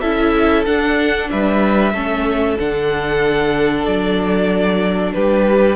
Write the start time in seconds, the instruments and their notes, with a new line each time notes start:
0.00 cello C#4, viola E4, violin A4 E5
0.66 cello D4, viola D4, violin F#5
1.30 cello G3, violin B4 E5
1.93 cello A3, viola C#4, violin A4
2.59 cello D3, viola D4, violin F#5
3.85 cello F#3, violin D5
5.13 cello G3, violin G4 B4